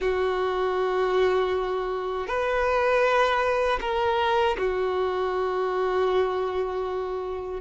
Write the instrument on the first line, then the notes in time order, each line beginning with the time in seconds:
violin
0.00 F#4
2.27 B4
3.80 A#4
4.57 F#4